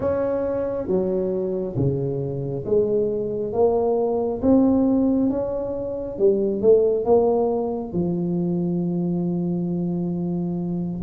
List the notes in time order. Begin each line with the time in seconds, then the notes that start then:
0.00 C#4
0.87 F#3
1.76 C#3
2.65 G#3
3.53 A#3
4.42 C4
5.30 C#4
6.18 G3
6.61 A3
7.05 A#3
7.93 F3